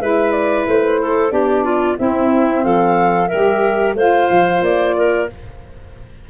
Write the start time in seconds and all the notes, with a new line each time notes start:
0.00 G#3 E4 B4 E5
0.32 D5
0.67 A3 C5
1.02 A4
1.29 B3 D4 G4 D5
1.64 F4
1.96 C4 E4 E5
2.64 F3 A4 F5
3.28 G3 G4 A#4 E5
3.94 A3 F4 C5 F5
4.30 F3
4.62 A#3 D5
4.97 A#4